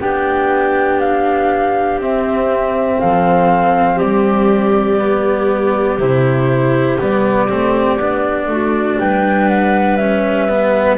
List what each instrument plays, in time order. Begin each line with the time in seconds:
0.00 double bass B3, cello D4, clarinet G4, flute G5
1.00 flute F5
1.98 double bass C4, cello C4, flute E5
2.98 double bass F3, clarinet A4, flute F5
3.96 double bass G3, clarinet G4, flute D5
4.99 cello B3
5.99 double bass C3, cello E4, flute C5
6.99 double bass G3, cello B3, flute D5
7.49 double bass A3, cello C4
7.97 double bass B3, cello D4
8.47 double bass A3, clarinet F#4
9.00 double bass G3, clarinet B4, flute G5
9.49 flute F#5
9.97 cello C#4, flute E5
10.49 cello B3